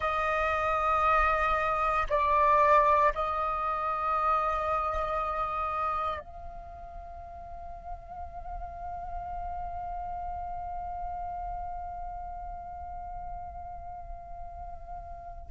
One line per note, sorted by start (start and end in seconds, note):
0.00 2.06 D#5
2.09 3.13 D5
3.14 6.19 D#5
6.19 15.50 F5